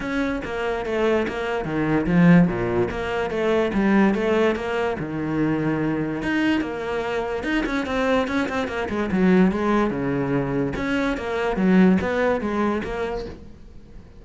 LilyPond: \new Staff \with { instrumentName = "cello" } { \time 4/4 \tempo 4 = 145 cis'4 ais4 a4 ais4 | dis4 f4 ais,4 ais4 | a4 g4 a4 ais4 | dis2. dis'4 |
ais2 dis'8 cis'8 c'4 | cis'8 c'8 ais8 gis8 fis4 gis4 | cis2 cis'4 ais4 | fis4 b4 gis4 ais4 | }